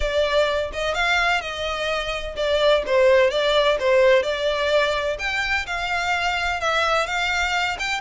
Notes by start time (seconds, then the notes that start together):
0.00 D5
0.72 D#5
0.94 F5
1.41 D#5
2.35 D5
2.86 C5
3.30 D5
3.79 C5
4.22 D5
5.18 G5
5.66 F5
6.60 E5
7.06 F5
7.79 G5